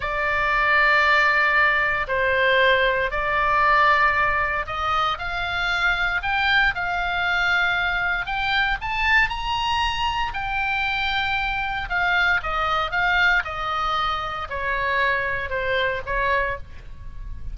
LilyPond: \new Staff \with { instrumentName = "oboe" } { \time 4/4 \tempo 4 = 116 d''1 | c''2 d''2~ | d''4 dis''4 f''2 | g''4 f''2. |
g''4 a''4 ais''2 | g''2. f''4 | dis''4 f''4 dis''2 | cis''2 c''4 cis''4 | }